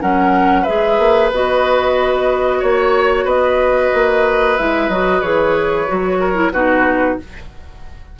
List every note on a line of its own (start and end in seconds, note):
0.00 0.67 F#3
0.00 0.65 C#4
0.00 0.62 A#4
0.00 0.64 F#5
0.62 1.32 G#4
0.62 2.58 B4
0.62 1.29 E5
0.68 0.98 G#3
0.98 1.31 A#3
1.31 2.62 B3
1.31 4.58 F#4
1.31 2.62 D#5
2.59 3.25 A#3
2.59 3.24 C#5
2.59 3.27 C#5
3.24 3.90 B3
3.24 6.18 B4
3.24 4.57 D#5
3.93 4.59 A#3
4.57 4.88 G#3
4.57 4.91 E4
4.57 4.89 E5
4.88 5.21 F#3
4.88 5.22 F#4
4.88 5.21 D#5
5.21 5.87 E3
5.21 5.87 G#4
5.21 6.51 C#5
5.87 6.51 F#3
5.87 6.34 F#4
6.19 6.52 A#4
6.34 6.51 E4
6.51 7.17 B2
6.51 7.19 D#4
6.51 7.18 F#4
6.51 7.17 B4